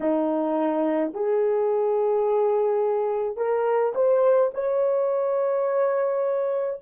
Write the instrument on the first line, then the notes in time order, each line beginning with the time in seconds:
horn
0.00 D#4
1.13 G#4
3.37 A#4
3.94 C5
4.53 C#5